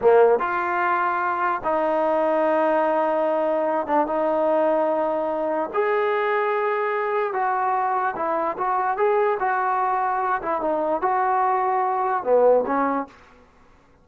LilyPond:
\new Staff \with { instrumentName = "trombone" } { \time 4/4 \tempo 4 = 147 ais4 f'2. | dis'1~ | dis'4. d'8 dis'2~ | dis'2 gis'2~ |
gis'2 fis'2 | e'4 fis'4 gis'4 fis'4~ | fis'4. e'8 dis'4 fis'4~ | fis'2 b4 cis'4 | }